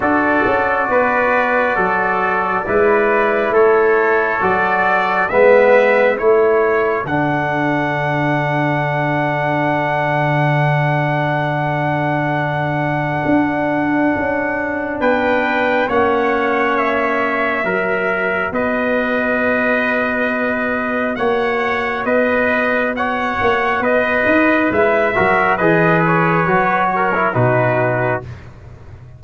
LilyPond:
<<
  \new Staff \with { instrumentName = "trumpet" } { \time 4/4 \tempo 4 = 68 d''1 | cis''4 d''4 e''4 cis''4 | fis''1~ | fis''1~ |
fis''4 g''4 fis''4 e''4~ | e''4 dis''2. | fis''4 dis''4 fis''4 dis''4 | e''4 dis''8 cis''4. b'4 | }
  \new Staff \with { instrumentName = "trumpet" } { \time 4/4 a'4 b'4 a'4 b'4 | a'2 b'4 a'4~ | a'1~ | a'1~ |
a'4 b'4 cis''2 | ais'4 b'2. | cis''4 b'4 cis''4 b'4~ | b'8 ais'8 b'4. ais'8 fis'4 | }
  \new Staff \with { instrumentName = "trombone" } { \time 4/4 fis'2. e'4~ | e'4 fis'4 b4 e'4 | d'1~ | d'1~ |
d'2 cis'2 | fis'1~ | fis'1 | e'8 fis'8 gis'4 fis'8. e'16 dis'4 | }
  \new Staff \with { instrumentName = "tuba" } { \time 4/4 d'8 cis'8 b4 fis4 gis4 | a4 fis4 gis4 a4 | d1~ | d2. d'4 |
cis'4 b4 ais2 | fis4 b2. | ais4 b4. ais8 b8 dis'8 | gis8 fis8 e4 fis4 b,4 | }
>>